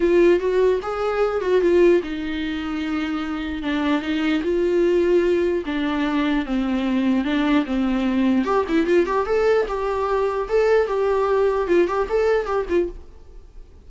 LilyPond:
\new Staff \with { instrumentName = "viola" } { \time 4/4 \tempo 4 = 149 f'4 fis'4 gis'4. fis'8 | f'4 dis'2.~ | dis'4 d'4 dis'4 f'4~ | f'2 d'2 |
c'2 d'4 c'4~ | c'4 g'8 e'8 f'8 g'8 a'4 | g'2 a'4 g'4~ | g'4 f'8 g'8 a'4 g'8 f'8 | }